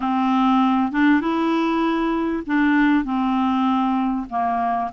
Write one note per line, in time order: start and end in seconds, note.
0.00 0.92 C4
0.92 1.20 D4
1.20 2.43 E4
2.46 3.04 D4
3.04 4.26 C4
4.29 4.91 A#3